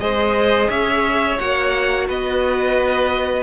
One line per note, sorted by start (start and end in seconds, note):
0.00 0.69 G#3
0.00 1.38 G#4
0.00 0.70 C5
0.00 0.69 D#5
0.70 1.39 C#4
0.70 2.08 C#5
0.70 1.39 E5
1.39 2.10 A#3
1.39 3.43 F#4
1.39 2.08 F#5
2.08 3.43 B3
2.08 3.43 B4
2.08 3.43 D#5